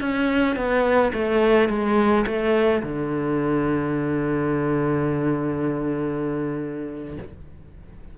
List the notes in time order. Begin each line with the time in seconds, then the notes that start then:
0.00 C#4
0.56 B3
1.13 A3
1.69 G#3
2.26 A3
2.83 D3